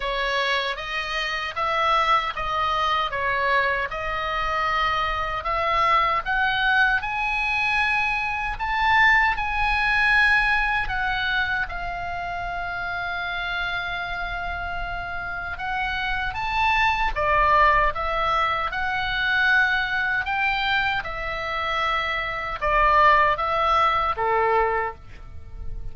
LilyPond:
\new Staff \with { instrumentName = "oboe" } { \time 4/4 \tempo 4 = 77 cis''4 dis''4 e''4 dis''4 | cis''4 dis''2 e''4 | fis''4 gis''2 a''4 | gis''2 fis''4 f''4~ |
f''1 | fis''4 a''4 d''4 e''4 | fis''2 g''4 e''4~ | e''4 d''4 e''4 a'4 | }